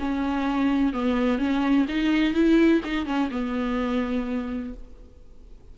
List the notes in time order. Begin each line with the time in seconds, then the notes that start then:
0.00 C#4
0.94 B3
1.39 C#4
1.89 D#4
2.34 E4
2.85 D#4
3.06 C#4
3.31 B3